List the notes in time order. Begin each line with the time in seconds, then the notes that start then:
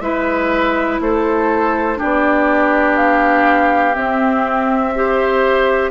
0.00 G#3 E4 B4 E5
1.00 A3 A4 C5
1.95 D4 G4 D5
2.03 B3
2.96 F5
3.94 C4 E5
4.95 G4 C5